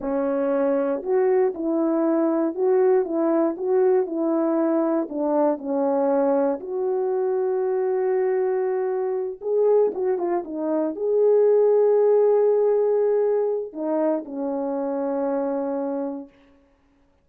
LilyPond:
\new Staff \with { instrumentName = "horn" } { \time 4/4 \tempo 4 = 118 cis'2 fis'4 e'4~ | e'4 fis'4 e'4 fis'4 | e'2 d'4 cis'4~ | cis'4 fis'2.~ |
fis'2~ fis'8 gis'4 fis'8 | f'8 dis'4 gis'2~ gis'8~ | gis'2. dis'4 | cis'1 | }